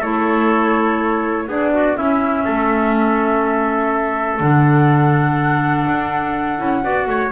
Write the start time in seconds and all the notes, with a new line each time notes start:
0.00 A3 E4 A4 C#5
1.48 B3 D4 G#4 D5
1.74 F#4
1.96 C#4 E4 E5
2.45 A3 A4
4.40 D3 D4 F#5
5.87 D4
6.58 C#4 E4
6.82 B3 F#4 D5
7.06 A3 C#5